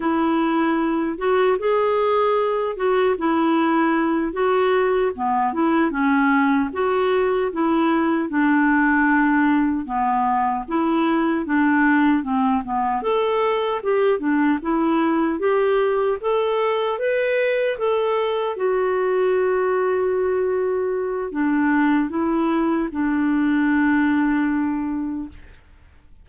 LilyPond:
\new Staff \with { instrumentName = "clarinet" } { \time 4/4 \tempo 4 = 76 e'4. fis'8 gis'4. fis'8 | e'4. fis'4 b8 e'8 cis'8~ | cis'8 fis'4 e'4 d'4.~ | d'8 b4 e'4 d'4 c'8 |
b8 a'4 g'8 d'8 e'4 g'8~ | g'8 a'4 b'4 a'4 fis'8~ | fis'2. d'4 | e'4 d'2. | }